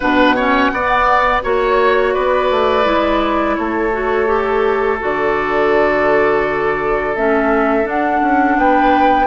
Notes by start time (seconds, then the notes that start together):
0.00 B2 D4 B4 F#5
0.35 C#4 C#5
0.72 B3 D5
1.42 A#3 F#4 C#5
2.13 B3 B4 D5
2.50 A3
2.83 G#3 E4
3.55 A3 A4 C#5
3.92 F#4
4.26 G4
4.99 D3 F#4 D5
7.15 A3 C#4 E5
7.83 D4 F#5
8.21 C#4
8.57 B3 B4 G5